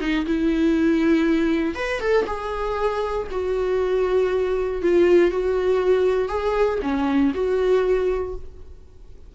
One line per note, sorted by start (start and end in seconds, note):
0.00 0.25 D#4
0.26 1.75 E4
1.75 2.00 B4
2.00 2.25 A4
2.26 3.27 G#4
3.31 4.82 F#4
4.82 5.31 F4
5.31 6.29 F#4
6.29 6.79 G#4
6.82 7.33 C#4
7.34 8.35 F#4